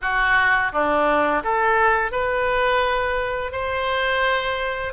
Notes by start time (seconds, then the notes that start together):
0.01 F#4
0.72 D4
1.43 A4
2.11 B4
3.52 C5